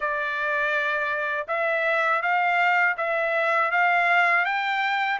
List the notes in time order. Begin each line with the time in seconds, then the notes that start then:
0.00 D5
1.47 E5
2.22 F5
2.97 E5
3.71 F5
4.45 G5